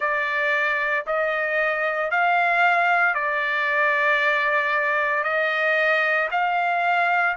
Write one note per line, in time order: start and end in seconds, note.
0.00 1.05 D5
1.06 2.11 D#5
2.11 3.14 F5
3.14 5.23 D5
5.23 6.29 D#5
6.31 7.36 F5